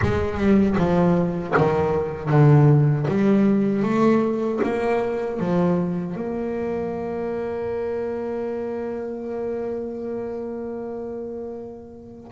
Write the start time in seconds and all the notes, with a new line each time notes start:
0.02 G#3
0.37 G3
0.77 F3
1.57 D#3
2.29 D3
3.08 G3
3.83 A3
4.63 A#3
5.39 F3
6.15 A#3